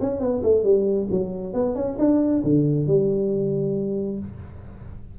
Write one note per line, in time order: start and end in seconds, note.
0.00 0.20 C#4
0.20 0.42 B3
0.43 0.63 A3
0.63 1.07 G3
1.10 1.53 F#3
1.53 1.75 B3
1.75 1.97 C#4
1.98 2.42 D4
2.43 2.86 D3
2.86 4.19 G3